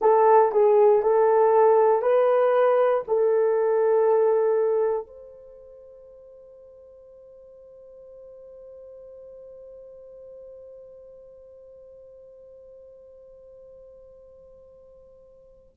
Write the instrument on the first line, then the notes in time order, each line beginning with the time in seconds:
horn
0.01 A4
0.51 G#4
1.02 A4
2.02 B4
3.07 A4
5.06 C5